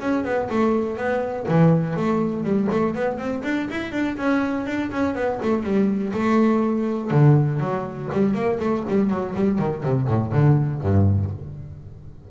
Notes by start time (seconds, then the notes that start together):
0.00 C#4
0.24 B3
0.50 A3
0.97 B3
1.48 E3
1.96 A3
2.43 G3
2.71 A3
2.94 B3
3.18 C4
3.44 D4
3.70 E4
3.92 D4
4.17 C#4
4.66 D4
4.91 C#4
5.15 B3
5.42 A3
5.63 G3
6.13 A3
7.11 D3
7.60 F#3
8.12 G3
8.34 A#3
8.59 A3
8.89 G3
9.10 F#3
9.35 G3
9.59 D#3
9.83 C3
10.08 A2
10.32 D3
10.81 G2